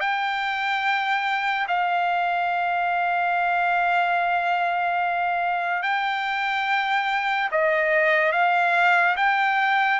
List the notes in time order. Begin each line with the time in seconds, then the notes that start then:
0.00 G5
1.67 F5
5.83 G5
7.51 D#5
8.32 F5
9.17 G5